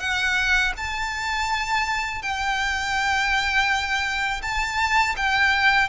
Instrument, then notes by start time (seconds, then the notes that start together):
violin
0.00 F#5
0.77 A5
2.22 G5
4.42 A5
5.17 G5